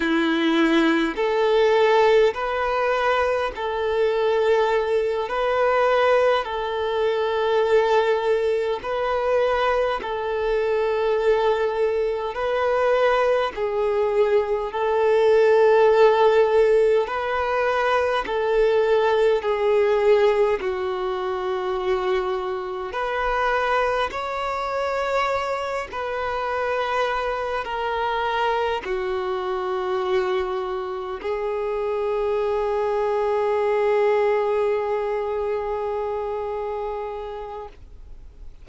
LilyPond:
\new Staff \with { instrumentName = "violin" } { \time 4/4 \tempo 4 = 51 e'4 a'4 b'4 a'4~ | a'8 b'4 a'2 b'8~ | b'8 a'2 b'4 gis'8~ | gis'8 a'2 b'4 a'8~ |
a'8 gis'4 fis'2 b'8~ | b'8 cis''4. b'4. ais'8~ | ais'8 fis'2 gis'4.~ | gis'1 | }